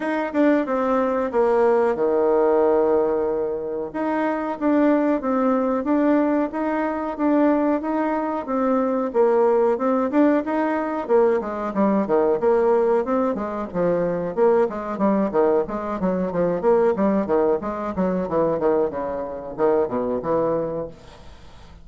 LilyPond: \new Staff \with { instrumentName = "bassoon" } { \time 4/4 \tempo 4 = 92 dis'8 d'8 c'4 ais4 dis4~ | dis2 dis'4 d'4 | c'4 d'4 dis'4 d'4 | dis'4 c'4 ais4 c'8 d'8 |
dis'4 ais8 gis8 g8 dis8 ais4 | c'8 gis8 f4 ais8 gis8 g8 dis8 | gis8 fis8 f8 ais8 g8 dis8 gis8 fis8 | e8 dis8 cis4 dis8 b,8 e4 | }